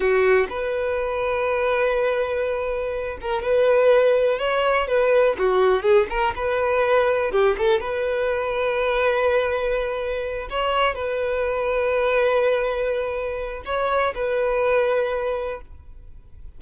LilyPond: \new Staff \with { instrumentName = "violin" } { \time 4/4 \tempo 4 = 123 fis'4 b'2.~ | b'2~ b'8 ais'8 b'4~ | b'4 cis''4 b'4 fis'4 | gis'8 ais'8 b'2 g'8 a'8 |
b'1~ | b'4. cis''4 b'4.~ | b'1 | cis''4 b'2. | }